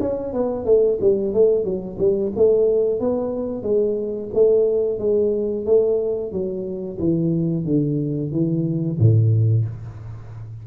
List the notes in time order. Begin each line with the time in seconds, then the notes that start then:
0.00 C#4
0.33 B3
0.65 A3
1.01 G3
1.34 A3
1.64 F#3
1.98 G3
2.36 A3
3.00 B3
3.63 G#3
4.34 A3
4.99 G#3
5.65 A3
6.32 F#3
6.99 E3
7.65 D3
8.32 E3
8.99 A2